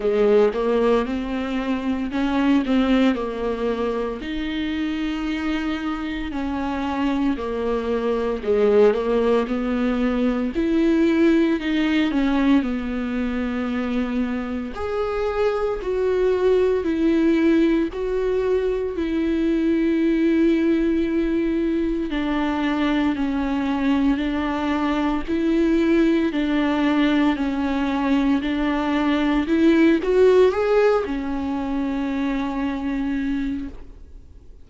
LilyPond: \new Staff \with { instrumentName = "viola" } { \time 4/4 \tempo 4 = 57 gis8 ais8 c'4 cis'8 c'8 ais4 | dis'2 cis'4 ais4 | gis8 ais8 b4 e'4 dis'8 cis'8 | b2 gis'4 fis'4 |
e'4 fis'4 e'2~ | e'4 d'4 cis'4 d'4 | e'4 d'4 cis'4 d'4 | e'8 fis'8 gis'8 cis'2~ cis'8 | }